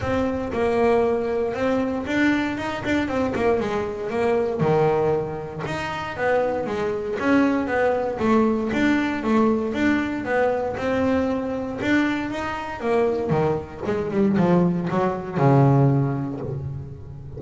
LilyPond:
\new Staff \with { instrumentName = "double bass" } { \time 4/4 \tempo 4 = 117 c'4 ais2 c'4 | d'4 dis'8 d'8 c'8 ais8 gis4 | ais4 dis2 dis'4 | b4 gis4 cis'4 b4 |
a4 d'4 a4 d'4 | b4 c'2 d'4 | dis'4 ais4 dis4 gis8 g8 | f4 fis4 cis2 | }